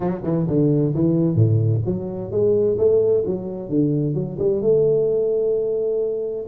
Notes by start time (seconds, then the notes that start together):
0.00 F#3
0.23 E3
0.47 D3
0.94 E3
1.35 A2
1.85 F#3
2.31 G#3
2.78 A3
3.26 F#3
3.69 D3
4.14 F#3
4.38 G3
4.61 A3